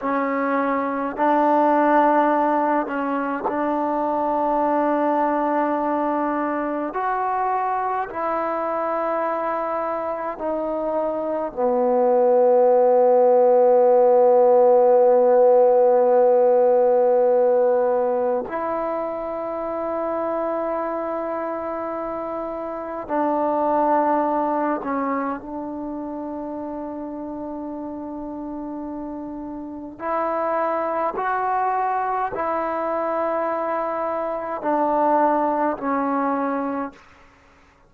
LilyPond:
\new Staff \with { instrumentName = "trombone" } { \time 4/4 \tempo 4 = 52 cis'4 d'4. cis'8 d'4~ | d'2 fis'4 e'4~ | e'4 dis'4 b2~ | b1 |
e'1 | d'4. cis'8 d'2~ | d'2 e'4 fis'4 | e'2 d'4 cis'4 | }